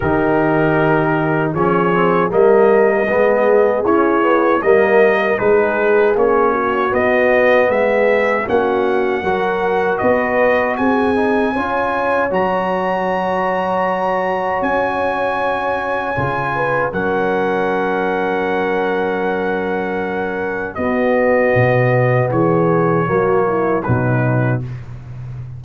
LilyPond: <<
  \new Staff \with { instrumentName = "trumpet" } { \time 4/4 \tempo 4 = 78 ais'2 cis''4 dis''4~ | dis''4 cis''4 dis''4 b'4 | cis''4 dis''4 e''4 fis''4~ | fis''4 dis''4 gis''2 |
ais''2. gis''4~ | gis''2 fis''2~ | fis''2. dis''4~ | dis''4 cis''2 b'4 | }
  \new Staff \with { instrumentName = "horn" } { \time 4/4 g'2 gis'4 ais'4 | gis'2 ais'4 gis'4~ | gis'8 fis'4. gis'4 fis'4 | ais'4 b'4 gis'4 cis''4~ |
cis''1~ | cis''4. b'8 ais'2~ | ais'2. fis'4~ | fis'4 gis'4 fis'8 e'8 dis'4 | }
  \new Staff \with { instrumentName = "trombone" } { \time 4/4 dis'2 cis'8 c'8 ais4 | b4 cis'8 b8 ais4 dis'4 | cis'4 b2 cis'4 | fis'2~ fis'8 dis'8 f'4 |
fis'1~ | fis'4 f'4 cis'2~ | cis'2. b4~ | b2 ais4 fis4 | }
  \new Staff \with { instrumentName = "tuba" } { \time 4/4 dis2 f4 g4 | gis4 e'4 g4 gis4 | ais4 b4 gis4 ais4 | fis4 b4 c'4 cis'4 |
fis2. cis'4~ | cis'4 cis4 fis2~ | fis2. b4 | b,4 e4 fis4 b,4 | }
>>